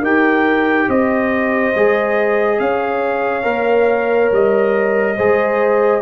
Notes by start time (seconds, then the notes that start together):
0.00 D#4 G4 A#4 G5
0.88 C4 C5 D#5
1.76 G#3 G#4
2.60 C#4 C#5 F5
3.43 A#3 A#4
4.32 G3 D#5
5.17 G#3 G#4 C5